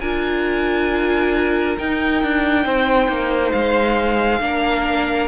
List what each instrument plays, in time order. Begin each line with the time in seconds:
0.00 cello D4, viola F4, violin A#4 G#5
1.78 cello D#4, viola D#4, violin G5
2.23 cello D4
2.64 cello C4, violin C5
3.08 cello A#3
3.51 cello G#3, violin F5
4.40 cello A#3, viola D4, violin A#4